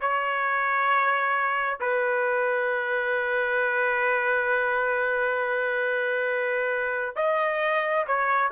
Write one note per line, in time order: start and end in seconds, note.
0.00 1.79 C#5
1.80 7.16 B4
7.16 8.05 D#5
8.06 8.51 C#5